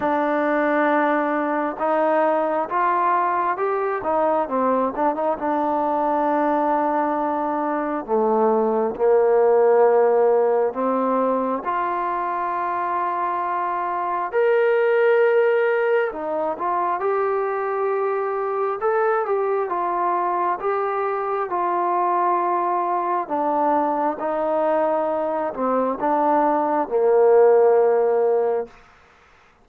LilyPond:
\new Staff \with { instrumentName = "trombone" } { \time 4/4 \tempo 4 = 67 d'2 dis'4 f'4 | g'8 dis'8 c'8 d'16 dis'16 d'2~ | d'4 a4 ais2 | c'4 f'2. |
ais'2 dis'8 f'8 g'4~ | g'4 a'8 g'8 f'4 g'4 | f'2 d'4 dis'4~ | dis'8 c'8 d'4 ais2 | }